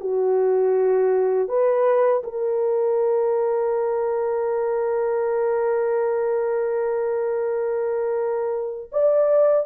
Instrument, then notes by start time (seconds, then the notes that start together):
horn
0.00 F#4
1.48 B4
2.23 A#4
8.92 D5